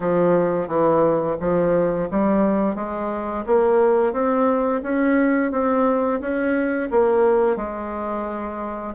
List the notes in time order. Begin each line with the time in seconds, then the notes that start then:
0.00 F3
0.67 E3
1.39 F3
2.10 G3
2.75 G#3
3.46 A#3
4.12 C4
4.82 C#4
5.51 C4
6.20 C#4
6.91 A#3
7.56 G#3